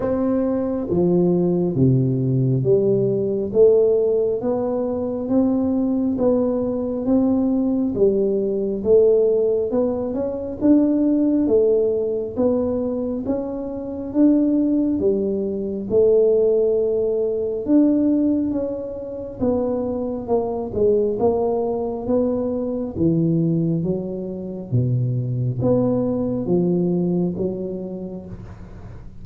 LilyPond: \new Staff \with { instrumentName = "tuba" } { \time 4/4 \tempo 4 = 68 c'4 f4 c4 g4 | a4 b4 c'4 b4 | c'4 g4 a4 b8 cis'8 | d'4 a4 b4 cis'4 |
d'4 g4 a2 | d'4 cis'4 b4 ais8 gis8 | ais4 b4 e4 fis4 | b,4 b4 f4 fis4 | }